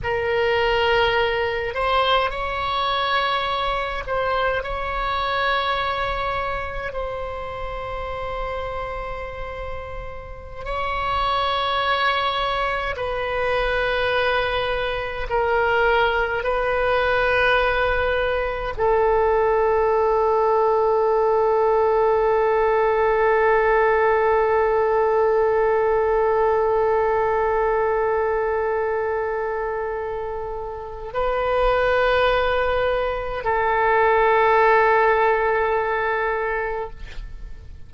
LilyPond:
\new Staff \with { instrumentName = "oboe" } { \time 4/4 \tempo 4 = 52 ais'4. c''8 cis''4. c''8 | cis''2 c''2~ | c''4~ c''16 cis''2 b'8.~ | b'4~ b'16 ais'4 b'4.~ b'16~ |
b'16 a'2.~ a'8.~ | a'1~ | a'2. b'4~ | b'4 a'2. | }